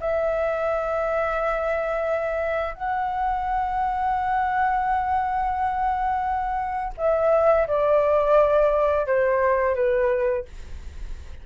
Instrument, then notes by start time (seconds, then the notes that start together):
flute
0.00 E5
2.74 F#5
6.97 E5
7.67 D5
9.06 C5
9.75 B4